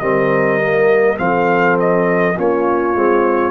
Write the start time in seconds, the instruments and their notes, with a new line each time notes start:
0.00 tuba G3, trombone C4, horn A#4, trumpet D#5
0.60 trombone A#3
1.16 tuba F3, trombone C4, horn A4, trumpet F5
1.80 trumpet D#5
2.37 tuba A#3, trombone C#4, horn F4, trumpet C#5
2.95 tuba G#3, trombone C4